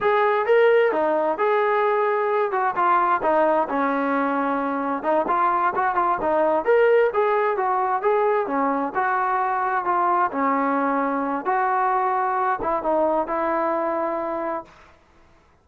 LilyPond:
\new Staff \with { instrumentName = "trombone" } { \time 4/4 \tempo 4 = 131 gis'4 ais'4 dis'4 gis'4~ | gis'4. fis'8 f'4 dis'4 | cis'2. dis'8 f'8~ | f'8 fis'8 f'8 dis'4 ais'4 gis'8~ |
gis'8 fis'4 gis'4 cis'4 fis'8~ | fis'4. f'4 cis'4.~ | cis'4 fis'2~ fis'8 e'8 | dis'4 e'2. | }